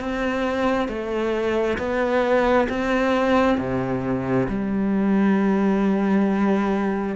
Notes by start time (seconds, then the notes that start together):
0.00 C4
0.88 A3
1.78 B3
2.69 C4
3.58 C3
4.49 G3